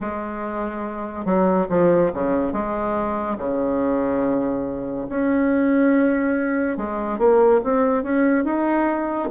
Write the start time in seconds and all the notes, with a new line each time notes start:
0.00 G#3
1.24 F#3
1.69 F3
2.13 C#3
2.52 G#3
3.37 C#3
5.09 C#4
6.77 G#3
7.18 A#3
7.63 C4
8.03 C#4
8.44 D#4